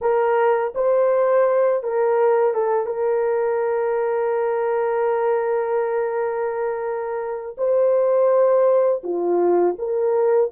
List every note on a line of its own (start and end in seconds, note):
0.01 0.73 A#4
0.74 1.83 C5
1.83 2.54 A#4
2.54 2.86 A4
2.86 7.55 A#4
7.57 9.02 C5
9.03 9.76 F4
9.78 10.50 A#4